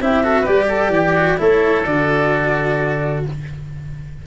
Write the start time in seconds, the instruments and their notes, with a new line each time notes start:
0.00 tuba C4, cello E4, oboe G4, flute E5
0.23 cello F#4, oboe A4
0.41 cello G4, oboe B4, flute D5
0.48 tuba G3
0.68 oboe A4
0.89 tuba E3, oboe G4
1.16 cello F#4
1.37 tuba A3, cello E4, oboe A4, flute C#5
1.85 tuba D3, cello F#4, flute D5